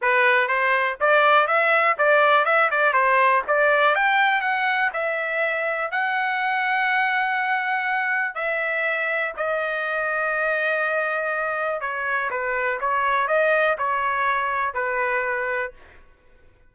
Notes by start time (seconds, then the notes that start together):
0.01 B4
0.47 C5
1.00 D5
1.47 E5
1.98 D5
2.45 E5
2.70 D5
2.93 C5
3.47 D5
3.95 G5
4.41 F#5
4.93 E5
5.91 F#5
8.35 E5
9.36 D#5
11.80 C#5
12.30 B4
12.80 C#5
13.27 D#5
13.78 C#5
14.73 B4